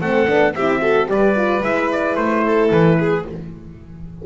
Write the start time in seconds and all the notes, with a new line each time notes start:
0.00 A3 C4 A4 F#5
0.28 B3 D4
0.55 C4 E4 G4 E5
0.81 F#4 A4
1.08 G3 G4 B4 D5
1.37 F4
1.61 G#3 E4 E5
1.92 D5
2.16 A3 C5
2.44 A4
2.72 E3 B4
3.00 G#4